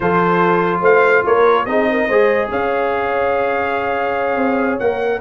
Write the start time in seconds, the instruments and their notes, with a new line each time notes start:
0.00 tuba F3, trombone F4, horn A4, trumpet C5
0.81 tuba A3, horn C5, trumpet F5
1.25 tuba A#3, horn A#4, trumpet C#5
1.65 tuba C4, trombone D#4, horn G#4, trumpet D#5
1.91 horn A#4
2.08 tuba G#3, trombone G#4, horn C5
2.51 tuba C#4, horn C#5, trumpet F5
4.36 tuba C4
4.79 tuba A#3, trombone A#4, trumpet F#5